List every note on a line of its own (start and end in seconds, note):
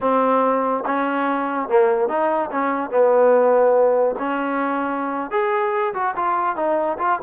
0.00 0.84 C4
0.86 1.68 C#4
1.68 2.08 A#3
2.08 2.50 D#4
2.51 2.90 C#4
2.90 4.15 B3
4.19 5.30 C#4
5.30 5.93 G#4
5.93 6.14 F#4
6.16 6.55 F4
6.55 6.97 D#4
6.98 7.19 F4